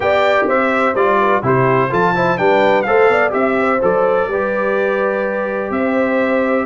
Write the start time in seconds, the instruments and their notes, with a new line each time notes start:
0.00 tuba B3, trombone G4, horn D5, trumpet G5
0.47 tuba C4, horn C5, trumpet E5
0.94 tuba G3, trombone F4, trumpet D5
1.19 horn B4
1.42 tuba C3, trombone E4, horn G4, trumpet C5
1.90 tuba F3, trombone F4, horn A4, trumpet A5
2.15 trombone E4, horn C5
2.37 tuba G3, trombone D4, horn B4, trumpet G5
2.82 tuba A3, trombone A4, horn C5, trumpet F5
3.08 tuba B3, horn D5
3.30 tuba C4, trombone G4, trumpet E5, horn E5
3.60 horn C5
3.81 tuba F#3, trombone A4, trumpet D5
4.27 tuba G3, trombone G4, horn B4
5.70 tuba C4, horn C5, trumpet E5